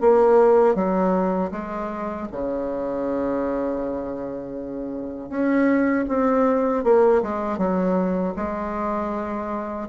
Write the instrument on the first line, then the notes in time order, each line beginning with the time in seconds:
bassoon
0.00 A#3
0.75 F#3
1.51 G#3
2.31 C#3
5.29 C#4
6.08 C4
6.83 A#3
7.22 G#3
7.57 F#3
8.36 G#3